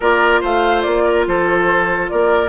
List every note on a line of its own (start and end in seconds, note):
0.00 0.42 A#3
0.00 2.49 F4
0.00 0.40 A#4
0.00 0.43 D5
0.40 0.85 A3
0.40 1.03 C5
0.40 0.82 F5
0.82 1.27 A#3
0.82 1.24 D5
1.04 1.25 A#4
1.27 2.10 F3
1.27 2.11 A4
1.27 2.08 C5
2.08 2.49 A#3
2.08 2.49 A#4
2.08 2.49 D5